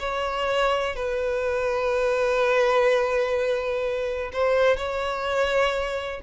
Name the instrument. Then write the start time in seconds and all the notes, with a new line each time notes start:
violin
0.00 C#5
0.96 B4
4.33 C5
4.77 C#5